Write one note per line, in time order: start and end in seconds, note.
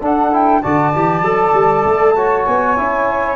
0.00 0.62 D4
0.00 0.32 D4
0.00 0.61 A4
0.00 0.34 F#5
0.32 0.62 E4
0.32 0.62 G5
0.62 0.95 D3
0.62 0.93 F#4
0.62 2.15 D5
0.62 2.46 A5
0.94 1.21 E3
0.94 1.24 G4
1.21 1.51 F#3
1.21 2.16 A4
1.54 1.84 G3
1.85 2.46 A3
2.15 2.77 F#4
2.15 3.36 C#5
2.46 2.78 B3
2.46 3.36 G#5
2.77 3.36 C#4
2.77 3.36 E4